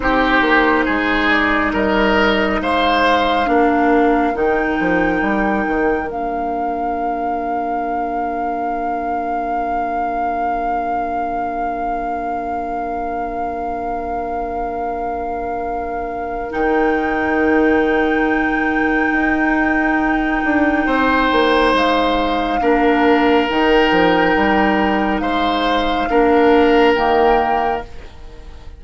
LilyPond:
<<
  \new Staff \with { instrumentName = "flute" } { \time 4/4 \tempo 4 = 69 c''4. d''8 dis''4 f''4~ | f''4 g''2 f''4~ | f''1~ | f''1~ |
f''2. g''4~ | g''1~ | g''4 f''2 g''4~ | g''4 f''2 g''4 | }
  \new Staff \with { instrumentName = "oboe" } { \time 4/4 g'4 gis'4 ais'4 c''4 | ais'1~ | ais'1~ | ais'1~ |
ais'1~ | ais'1 | c''2 ais'2~ | ais'4 c''4 ais'2 | }
  \new Staff \with { instrumentName = "clarinet" } { \time 4/4 dis'1 | d'4 dis'2 d'4~ | d'1~ | d'1~ |
d'2. dis'4~ | dis'1~ | dis'2 d'4 dis'4~ | dis'2 d'4 ais4 | }
  \new Staff \with { instrumentName = "bassoon" } { \time 4/4 c'8 ais8 gis4 g4 gis4 | ais4 dis8 f8 g8 dis8 ais4~ | ais1~ | ais1~ |
ais2. dis4~ | dis2 dis'4. d'8 | c'8 ais8 gis4 ais4 dis8 f8 | g4 gis4 ais4 dis4 | }
>>